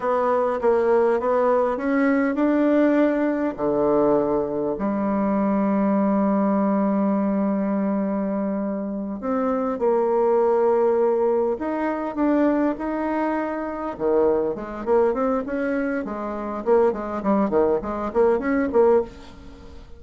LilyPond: \new Staff \with { instrumentName = "bassoon" } { \time 4/4 \tempo 4 = 101 b4 ais4 b4 cis'4 | d'2 d2 | g1~ | g2.~ g8 c'8~ |
c'8 ais2. dis'8~ | dis'8 d'4 dis'2 dis8~ | dis8 gis8 ais8 c'8 cis'4 gis4 | ais8 gis8 g8 dis8 gis8 ais8 cis'8 ais8 | }